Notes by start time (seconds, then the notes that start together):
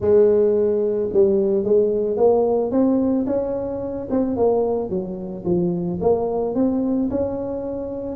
0.00 G#3
1.13 G3
1.64 G#3
2.16 A#3
2.71 C4
3.26 C#4
4.10 C4
4.36 A#3
4.89 F#3
5.44 F3
6.00 A#3
6.55 C4
7.10 C#4